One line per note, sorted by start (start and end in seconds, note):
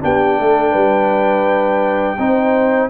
0.00 0.39 B3
0.00 2.17 D4
0.00 0.39 G4
0.00 2.89 G5
0.39 0.74 A3
0.39 0.71 A4
0.71 2.18 G3
0.71 2.16 B4
2.18 2.89 C4
2.18 2.89 D#4
2.18 2.89 C5